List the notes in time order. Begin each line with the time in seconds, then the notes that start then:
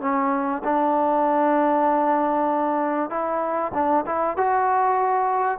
0.00 C#4
0.64 D4
3.10 E4
3.73 D4
4.06 E4
4.37 F#4